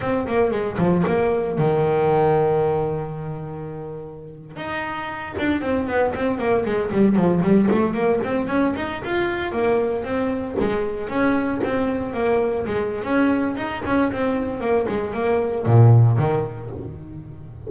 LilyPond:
\new Staff \with { instrumentName = "double bass" } { \time 4/4 \tempo 4 = 115 c'8 ais8 gis8 f8 ais4 dis4~ | dis1~ | dis8. dis'4. d'8 c'8 b8 c'16~ | c'16 ais8 gis8 g8 f8 g8 a8 ais8 c'16~ |
c'16 cis'8 dis'8 f'4 ais4 c'8.~ | c'16 gis4 cis'4 c'4 ais8.~ | ais16 gis8. cis'4 dis'8 cis'8 c'4 | ais8 gis8 ais4 ais,4 dis4 | }